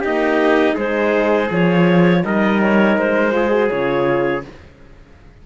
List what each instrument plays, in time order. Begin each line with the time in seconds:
0.00 horn A#3, cello D#4, trumpet G4, clarinet D#5
0.74 cello G#3, horn D#4, trumpet G#4, clarinet C5
1.50 cello F3, horn F4, clarinet C#5
2.24 cello G3, horn D#4, trumpet A#4, clarinet D#5
2.61 clarinet C#5
2.97 cello G#3, clarinet C5
3.31 horn F4, trumpet G#4
3.51 horn F#4
3.69 cello C#3, horn F4, clarinet C#5